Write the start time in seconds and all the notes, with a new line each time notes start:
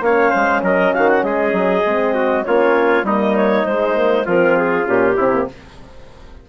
0.00 A#3 C#4 C#5 F5
0.30 G#3 C5
0.61 F#3 A#4 D#5
0.93 D#3 F#4 F5
1.08 F#5
1.23 G#3 G#4 D#5
1.52 F#3
1.85 G#3 C4
2.13 F#4
2.44 A#3 C#4 F4 C#5
3.03 G3 A#3 D#4 D#5
3.36 C#5
3.65 G#3 C5
3.94 A#3
4.25 F3 C4 F4 A#4
4.57 G#4
4.84 A#2 C#4 G4
5.16 C3 C4 E4
5.32 A#3